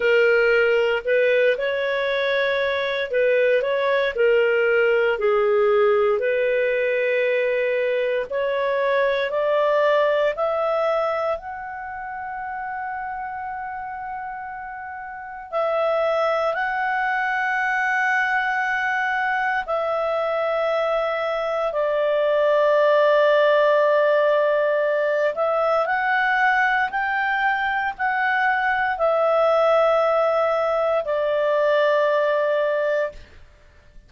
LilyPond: \new Staff \with { instrumentName = "clarinet" } { \time 4/4 \tempo 4 = 58 ais'4 b'8 cis''4. b'8 cis''8 | ais'4 gis'4 b'2 | cis''4 d''4 e''4 fis''4~ | fis''2. e''4 |
fis''2. e''4~ | e''4 d''2.~ | d''8 e''8 fis''4 g''4 fis''4 | e''2 d''2 | }